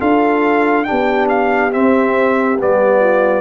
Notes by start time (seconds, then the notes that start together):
0.00 D4 F4 A4 F5
0.84 D4 G4 G5
0.91 B3
1.29 F5
1.72 C4 E5
2.59 G3 B3 D5
3.00 F4